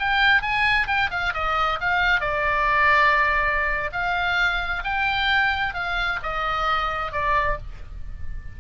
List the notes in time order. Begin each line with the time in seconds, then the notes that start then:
0.00 G5
0.42 G#5
0.88 G5
1.11 F5
1.34 D#5
1.81 F5
2.21 D5
3.93 F5
4.85 G5
5.74 F5
6.23 D#5
7.12 D5